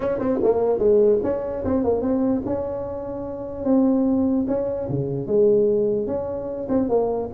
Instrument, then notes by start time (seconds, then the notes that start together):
tuba
0.00 C#4
0.19 C4
0.43 A#3
0.78 G#3
1.23 C#4
1.64 C4
1.84 A#3
2.01 C4
2.45 C#4
3.64 C4
4.47 C#4
4.89 C#3
5.26 G#3
6.06 C#4
6.69 C4
6.88 A#3